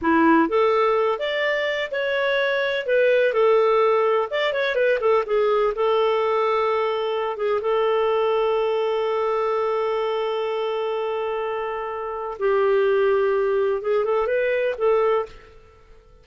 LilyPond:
\new Staff \with { instrumentName = "clarinet" } { \time 4/4 \tempo 4 = 126 e'4 a'4. d''4. | cis''2 b'4 a'4~ | a'4 d''8 cis''8 b'8 a'8 gis'4 | a'2.~ a'8 gis'8 |
a'1~ | a'1~ | a'2 g'2~ | g'4 gis'8 a'8 b'4 a'4 | }